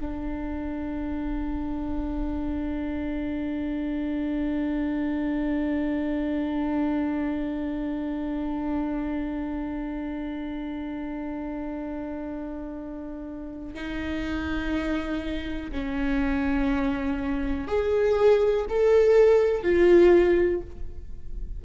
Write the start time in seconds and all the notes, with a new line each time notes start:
0.00 D4
13.74 D#4
15.72 C#4
17.67 G#4
18.69 A4
19.63 F4